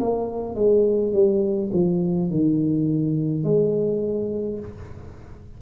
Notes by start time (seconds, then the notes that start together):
0.00 A#3
0.56 G#3
1.13 G3
1.73 F3
2.31 D#3
3.44 G#3